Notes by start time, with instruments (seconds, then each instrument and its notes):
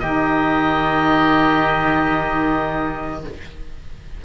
0.00 cello D#3, saxophone D#4, oboe G4 D#5